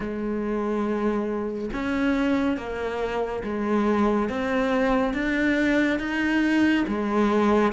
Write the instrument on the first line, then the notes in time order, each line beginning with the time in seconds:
cello
0.00 G#3
1.73 C#4
2.57 A#3
3.43 G#3
4.29 C4
5.14 D4
5.99 D#4
6.87 G#3